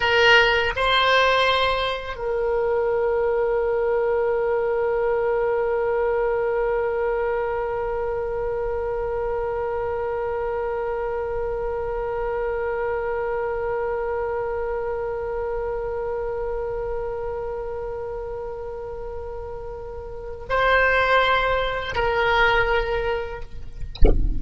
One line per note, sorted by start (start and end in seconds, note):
0.00 0.73 A#4
0.75 2.16 C5
2.16 20.45 A#4
20.49 21.95 C5
21.95 23.41 A#4